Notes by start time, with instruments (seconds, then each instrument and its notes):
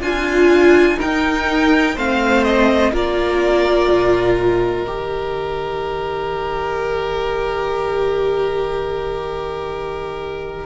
0.00 cello D4, violin F4 G#5, viola F4
0.98 viola D#4, cello D#4, violin A#4 G5
1.95 cello A3, viola C4, violin C5 F5
2.44 violin D#5
2.92 cello A#3, viola F4, violin A#4 D5
3.91 cello A#2
4.37 violin D#5
4.87 cello D#3, viola G4